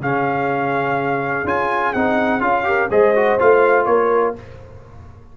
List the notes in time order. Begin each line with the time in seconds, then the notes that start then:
0.00 C#3 C#4 G#4 F5
1.44 C#4 F4 G#5
1.93 C4 D#4 F#5
2.40 C#4 F4 F5
2.64 G4 A#4
2.90 G#3 G#4 C5 D#5
3.15 F#4
3.39 A3 F4 F5
3.85 A#3 A#4 C#5